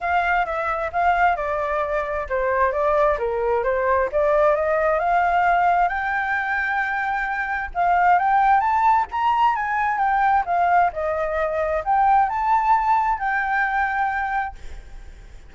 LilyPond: \new Staff \with { instrumentName = "flute" } { \time 4/4 \tempo 4 = 132 f''4 e''4 f''4 d''4~ | d''4 c''4 d''4 ais'4 | c''4 d''4 dis''4 f''4~ | f''4 g''2.~ |
g''4 f''4 g''4 a''4 | ais''4 gis''4 g''4 f''4 | dis''2 g''4 a''4~ | a''4 g''2. | }